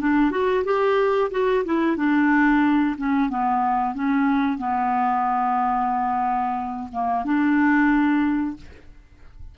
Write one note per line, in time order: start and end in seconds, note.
0.00 0.31 D4
0.31 0.64 F#4
0.64 1.30 G4
1.31 1.64 F#4
1.65 1.97 E4
1.97 2.96 D4
2.97 3.29 C#4
3.29 3.95 B3
3.95 4.58 C#4
4.58 6.89 B3
6.92 7.24 A#3
7.24 8.56 D4